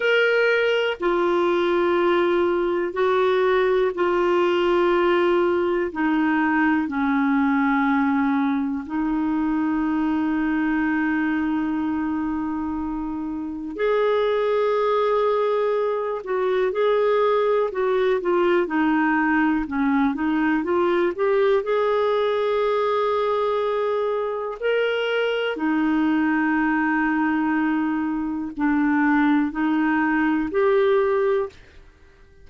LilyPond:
\new Staff \with { instrumentName = "clarinet" } { \time 4/4 \tempo 4 = 61 ais'4 f'2 fis'4 | f'2 dis'4 cis'4~ | cis'4 dis'2.~ | dis'2 gis'2~ |
gis'8 fis'8 gis'4 fis'8 f'8 dis'4 | cis'8 dis'8 f'8 g'8 gis'2~ | gis'4 ais'4 dis'2~ | dis'4 d'4 dis'4 g'4 | }